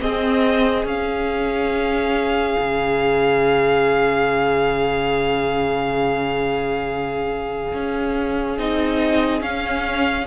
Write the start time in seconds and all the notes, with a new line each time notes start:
0.00 C4 G#4 D#5
0.84 C#4 F5
2.58 C#3
7.73 C#4
8.58 C4 D#4 D#5
9.41 C#4 F5